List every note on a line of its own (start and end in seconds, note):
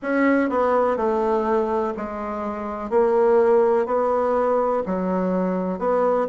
0.02 0.49 C#4
0.49 0.97 B3
0.97 1.94 A3
1.96 2.90 G#3
2.90 3.86 A#3
3.86 4.83 B3
4.86 5.78 F#3
5.78 6.26 B3